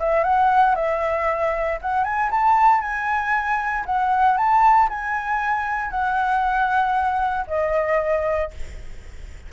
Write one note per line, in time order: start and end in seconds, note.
0.00 0.24 E5
0.24 0.76 F#5
0.76 1.79 E5
1.82 2.05 F#5
2.05 2.30 G#5
2.31 2.82 A5
2.82 3.85 G#5
3.86 4.38 F#5
4.38 4.89 A5
4.90 5.91 G#5
5.91 7.46 F#5
7.48 8.51 D#5